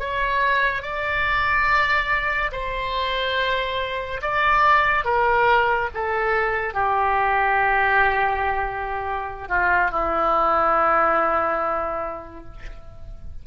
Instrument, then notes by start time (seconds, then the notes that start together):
oboe
0.00 C#5
0.83 D5
2.52 C5
4.22 D5
5.05 A#4
5.95 A4
6.75 G4
9.49 F4
9.91 E4